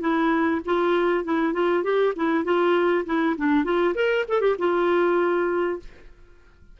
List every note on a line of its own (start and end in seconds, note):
0.00 0.61 E4
0.65 1.24 F4
1.24 1.53 E4
1.53 1.83 F4
1.83 2.13 G4
2.16 2.44 E4
2.44 3.05 F4
3.05 3.36 E4
3.37 3.64 D4
3.64 3.94 F4
3.94 4.25 A#4
4.28 4.40 A4
4.40 4.56 G4
4.58 5.79 F4